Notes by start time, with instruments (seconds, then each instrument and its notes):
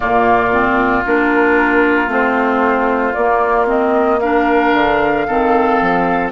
0.00 bassoon A#2, clarinet A#3, oboe F4, flute D5
0.51 clarinet C4
1.05 bassoon A#3, clarinet D4, flute A#4
2.07 bassoon A3, clarinet C4, flute C5
3.13 bassoon A#3, clarinet A#3, flute D5
3.66 clarinet C4, flute D#5
4.19 clarinet D4, oboe A#4, flute F5
4.73 bassoon D3
5.27 bassoon D#3, clarinet C4, oboe A4
5.81 bassoon F3